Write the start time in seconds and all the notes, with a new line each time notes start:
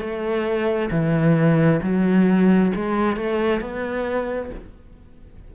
0.00 A3
0.91 E3
1.83 F#3
2.75 G#3
3.17 A3
3.61 B3